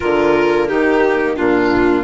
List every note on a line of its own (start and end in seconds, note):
0.00 0.70 D3
0.00 2.04 A#3
0.00 0.67 F4
0.00 0.68 A#4
0.67 1.38 D#3
0.67 1.35 D#4
0.67 1.36 G4
1.35 2.04 A#2
1.35 2.03 D4
1.35 2.04 F4